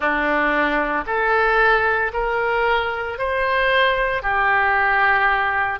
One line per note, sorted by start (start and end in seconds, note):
0.00 1.04 D4
1.06 2.11 A4
2.13 3.18 A#4
3.18 4.22 C5
4.22 5.79 G4